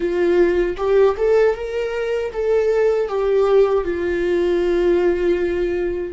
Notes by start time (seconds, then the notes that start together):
0.00 F4
0.77 G4
1.17 A4
1.55 A#4
2.32 A4
3.08 G4
3.84 F4